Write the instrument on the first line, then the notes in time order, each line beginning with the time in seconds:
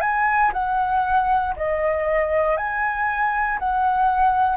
flute
0.00 G#5
0.53 F#5
1.56 D#5
2.57 G#5
3.59 F#5